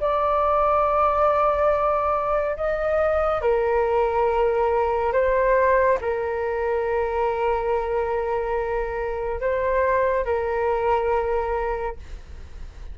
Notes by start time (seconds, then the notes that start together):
0.00 D5
2.56 D#5
3.41 A#4
5.12 C5
6.01 A#4
9.41 C5
10.25 A#4